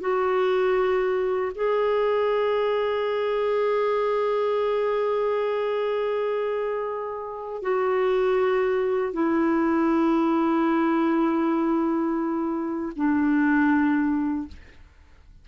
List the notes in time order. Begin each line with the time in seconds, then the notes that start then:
0.00 F#4
1.55 G#4
7.62 F#4
9.12 E4
12.96 D4